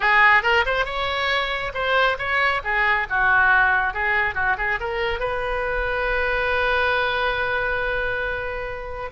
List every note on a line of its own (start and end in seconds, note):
0.00 0.42 G#4
0.42 0.64 A#4
0.65 0.85 C5
0.85 1.72 C#5
1.74 2.17 C5
2.18 2.61 C#5
2.63 3.07 G#4
3.09 3.93 F#4
3.93 4.34 G#4
4.34 4.56 F#4
4.57 4.79 G#4
4.79 5.19 A#4
5.19 9.11 B4